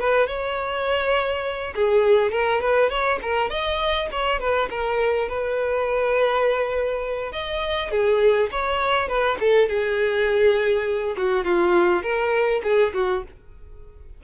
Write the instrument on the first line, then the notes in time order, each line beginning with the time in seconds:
violin
0.00 B4
0.27 C#5
1.75 G#4
2.32 A#4
2.61 B4
2.90 C#5
3.22 A#4
3.50 D#5
4.11 C#5
4.40 B4
4.71 A#4
5.29 B4
7.32 D#5
7.91 G#4
8.52 C#5
9.09 B4
9.40 A4
9.69 G#4
11.17 F#4
11.45 F4
12.03 A#4
12.64 G#4
12.94 F#4